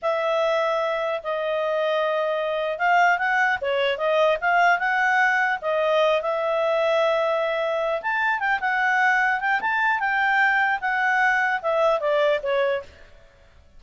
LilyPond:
\new Staff \with { instrumentName = "clarinet" } { \time 4/4 \tempo 4 = 150 e''2. dis''4~ | dis''2. f''4 | fis''4 cis''4 dis''4 f''4 | fis''2 dis''4. e''8~ |
e''1 | a''4 g''8 fis''2 g''8 | a''4 g''2 fis''4~ | fis''4 e''4 d''4 cis''4 | }